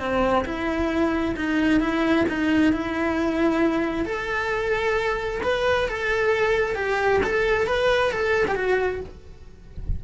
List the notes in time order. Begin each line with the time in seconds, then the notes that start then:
0.00 C4
0.46 E4
1.37 D#4
1.81 E4
2.29 D#4
2.73 E4
4.06 A4
5.44 B4
5.89 A4
6.76 G4
7.24 A4
7.67 B4
8.12 A4
8.48 G4
8.56 F#4